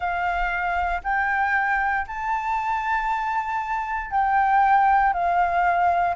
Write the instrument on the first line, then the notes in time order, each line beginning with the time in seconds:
flute
0.00 F5
1.03 G5
2.07 A5
4.10 G5
5.13 F5